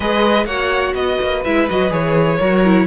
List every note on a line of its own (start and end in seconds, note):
0.00 0.45 G#3
0.00 0.48 G#4
0.00 0.45 B4
0.00 0.46 D#5
0.45 0.93 A#3
0.45 1.45 F#4
0.45 0.94 C#5
0.45 0.94 F#5
0.94 1.18 B3
0.94 2.38 B4
0.94 1.42 D#5
1.21 1.45 A#3
1.44 1.69 G#3
1.44 1.69 E4
1.44 1.68 E5
1.69 1.91 F#3
1.69 1.90 F#4
1.69 1.92 D#5
1.90 2.39 E3
1.90 2.38 G#4
1.90 2.87 C#5
2.38 2.87 F#3
2.38 2.64 F#4
2.38 2.86 A#4
2.64 2.87 E4